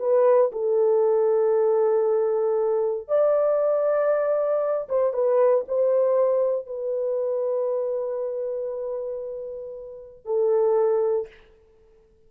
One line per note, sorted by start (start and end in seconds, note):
0.00 0.51 B4
0.52 3.08 A4
3.08 4.88 D5
4.89 5.14 C5
5.14 5.65 B4
5.68 6.67 C5
6.67 10.25 B4
10.25 11.28 A4